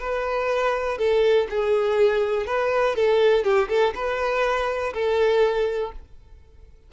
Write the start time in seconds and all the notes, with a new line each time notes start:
0.00 B4
0.98 A4
1.50 G#4
2.47 B4
2.96 A4
3.44 G4
3.69 A4
3.95 B4
4.94 A4